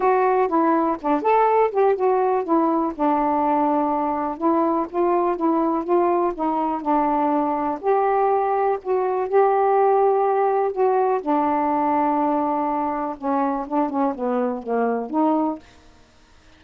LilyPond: \new Staff \with { instrumentName = "saxophone" } { \time 4/4 \tempo 4 = 123 fis'4 e'4 d'8 a'4 g'8 | fis'4 e'4 d'2~ | d'4 e'4 f'4 e'4 | f'4 dis'4 d'2 |
g'2 fis'4 g'4~ | g'2 fis'4 d'4~ | d'2. cis'4 | d'8 cis'8 b4 ais4 dis'4 | }